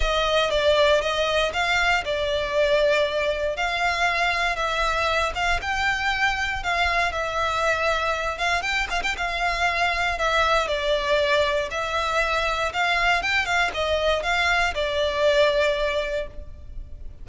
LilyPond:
\new Staff \with { instrumentName = "violin" } { \time 4/4 \tempo 4 = 118 dis''4 d''4 dis''4 f''4 | d''2. f''4~ | f''4 e''4. f''8 g''4~ | g''4 f''4 e''2~ |
e''8 f''8 g''8 f''16 g''16 f''2 | e''4 d''2 e''4~ | e''4 f''4 g''8 f''8 dis''4 | f''4 d''2. | }